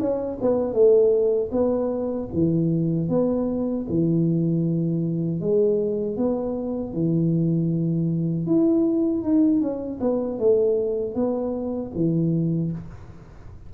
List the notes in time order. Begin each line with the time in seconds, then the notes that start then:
0.00 C#4
0.42 B3
0.73 A3
1.52 B3
2.34 E3
3.09 B3
3.90 E3
5.41 G#3
6.17 B3
6.93 E3
8.47 E4
9.23 D#4
9.61 C#4
10.01 B3
10.39 A3
11.15 B3
11.95 E3